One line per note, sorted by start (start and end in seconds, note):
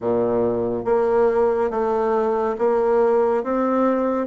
0.00 0.84 A#2
0.84 1.70 A#3
1.70 2.56 A3
2.58 3.43 A#3
3.43 4.26 C4